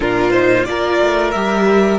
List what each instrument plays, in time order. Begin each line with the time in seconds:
0.00 cello A#2, viola D4, violin F4 A#4
0.30 viola D#4, violin C5
0.63 cello A#3, viola F4, violin A#4 D5
1.01 cello A3
1.31 cello G3, viola G4, violin E5